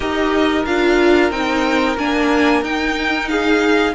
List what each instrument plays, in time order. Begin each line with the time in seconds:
0.00 cello D#4, viola G4, violin A#4 D#5
0.65 cello D4, viola F4, violin F5
1.30 cello C4, viola D#4, violin G5
1.97 cello A#3, viola D4, violin G#5
2.61 cello D#4, viola D#4, violin G5
3.28 violin G#4 F5